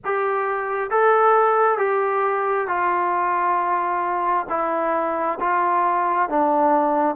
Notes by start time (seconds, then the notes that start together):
0.04 G4
0.90 A4
1.78 G4
2.67 F4
4.49 E4
5.40 F4
6.29 D4